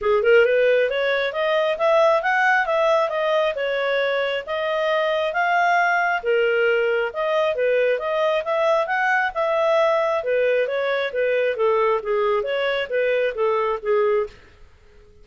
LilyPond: \new Staff \with { instrumentName = "clarinet" } { \time 4/4 \tempo 4 = 135 gis'8 ais'8 b'4 cis''4 dis''4 | e''4 fis''4 e''4 dis''4 | cis''2 dis''2 | f''2 ais'2 |
dis''4 b'4 dis''4 e''4 | fis''4 e''2 b'4 | cis''4 b'4 a'4 gis'4 | cis''4 b'4 a'4 gis'4 | }